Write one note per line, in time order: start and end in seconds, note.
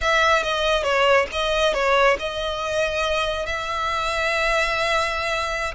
0.01 0.42 E5
0.42 0.83 D#5
0.83 1.26 C#5
1.31 1.73 D#5
1.73 2.17 C#5
2.19 3.46 D#5
3.46 5.74 E5